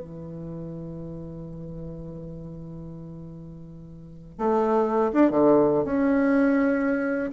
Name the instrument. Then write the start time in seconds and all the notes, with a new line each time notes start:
bassoon
0.00 E3
4.39 A3
5.14 D4
5.31 D3
5.85 C#4